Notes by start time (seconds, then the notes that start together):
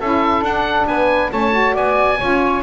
0.00 C#4 E4 A4 E5
0.42 D4 F#5
0.87 B3 B4 G#5
1.31 A3 C#4 C#5 A5
1.52 F#4
1.74 B3 D5 G#5
2.19 C#4 F4 C#5